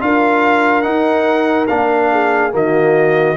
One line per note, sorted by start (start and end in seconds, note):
0.00 0.86 D4
0.00 0.83 F4
0.00 2.12 A#4
0.00 0.82 F5
0.82 1.68 D#4
0.82 1.70 D#4
0.82 1.67 F#5
1.68 2.54 A#3
1.68 2.52 D4
1.68 2.52 F5
2.12 2.55 G#4
2.52 3.37 D#3
2.52 3.36 A#3
2.52 3.37 F#4
2.52 3.37 D#5